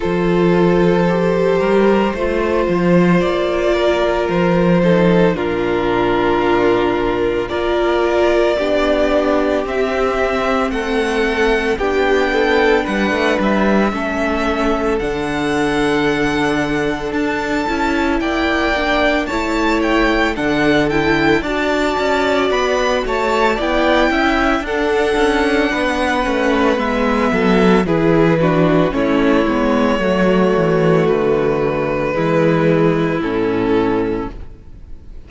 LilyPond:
<<
  \new Staff \with { instrumentName = "violin" } { \time 4/4 \tempo 4 = 56 c''2. d''4 | c''4 ais'2 d''4~ | d''4 e''4 fis''4 g''4 | fis''8 e''4. fis''2 |
a''4 g''4 a''8 g''8 fis''8 g''8 | a''4 b''8 a''8 g''4 fis''4~ | fis''4 e''4 b'4 cis''4~ | cis''4 b'2 a'4 | }
  \new Staff \with { instrumentName = "violin" } { \time 4/4 a'4. ais'8 c''4. ais'8~ | ais'8 a'8 f'2 ais'4 | g'2 a'4 g'8 a'8 | b'4 a'2.~ |
a'4 d''4 cis''4 a'4 | d''4. cis''8 d''8 e''8 a'4 | b'4. a'8 gis'8 fis'8 e'4 | fis'2 e'2 | }
  \new Staff \with { instrumentName = "viola" } { \time 4/4 f'4 g'4 f'2~ | f'8 dis'8 d'2 f'4 | d'4 c'2 d'4~ | d'4 cis'4 d'2~ |
d'8 e'4 d'8 e'4 d'8 e'8 | fis'2 e'4 d'4~ | d'8 cis'8 b4 e'8 d'8 cis'8 b8 | a2 gis4 cis'4 | }
  \new Staff \with { instrumentName = "cello" } { \time 4/4 f4. g8 a8 f8 ais4 | f4 ais,2 ais4 | b4 c'4 a4 b4 | g16 a16 g8 a4 d2 |
d'8 cis'8 ais4 a4 d4 | d'8 cis'8 b8 a8 b8 cis'8 d'8 cis'8 | b8 a8 gis8 fis8 e4 a8 gis8 | fis8 e8 d4 e4 a,4 | }
>>